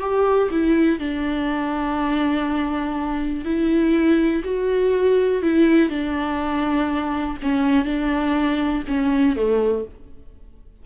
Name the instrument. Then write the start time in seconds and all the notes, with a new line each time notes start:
viola
0.00 G4
0.51 E4
0.99 D4
3.45 E4
4.44 F#4
5.42 E4
5.90 D4
7.43 C#4
7.85 D4
8.88 C#4
9.36 A3